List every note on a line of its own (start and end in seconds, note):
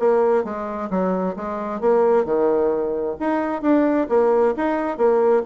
0.00 0.44 A#3
0.44 0.90 G#3
0.90 1.36 F#3
1.37 1.81 G#3
1.81 2.25 A#3
2.25 3.16 D#3
3.20 3.62 D#4
3.62 4.08 D4
4.10 4.55 A#3
4.57 4.98 D#4
4.98 5.43 A#3